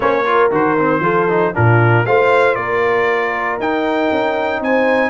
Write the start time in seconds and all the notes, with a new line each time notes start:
0.00 A#3 C#4 C5 C#5
0.25 F4 A#4
0.51 D#3 F#4 C5
0.78 C4
0.99 F3 F4 A4
1.29 D#4
1.54 A#2 D4 F4 A#4
2.05 A3 F4 C5 F5
2.55 A#3 A#4 D5
3.59 D#4 G5
4.11 C#4
4.60 C4 C5 G#5